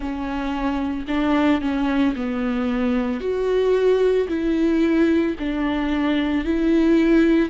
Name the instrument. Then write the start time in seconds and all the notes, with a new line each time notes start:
viola
0.00 C#4
1.07 D4
1.61 C#4
2.15 B3
3.20 F#4
4.28 E4
5.39 D4
6.44 E4